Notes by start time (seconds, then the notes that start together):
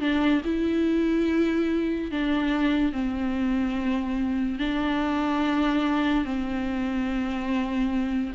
0.00 D4
0.45 E4
2.11 D4
2.93 C4
4.59 D4
6.25 C4